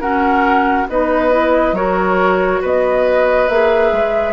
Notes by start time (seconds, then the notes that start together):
0.00 C#4 F#4 A#4 F#5
0.88 B3 D#4 B4 D#5
1.31 E4
1.72 F#3 F#4 A#4 C#5
2.61 B3 B4 D#5
3.49 A#3 G#4 E5
3.92 G#3